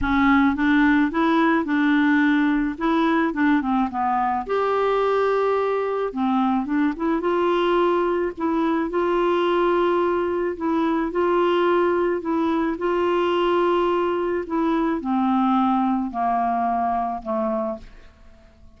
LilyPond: \new Staff \with { instrumentName = "clarinet" } { \time 4/4 \tempo 4 = 108 cis'4 d'4 e'4 d'4~ | d'4 e'4 d'8 c'8 b4 | g'2. c'4 | d'8 e'8 f'2 e'4 |
f'2. e'4 | f'2 e'4 f'4~ | f'2 e'4 c'4~ | c'4 ais2 a4 | }